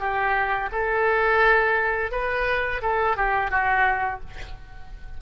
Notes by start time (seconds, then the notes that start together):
0.00 G4
0.72 A4
2.12 B4
2.82 A4
3.17 G4
3.51 F#4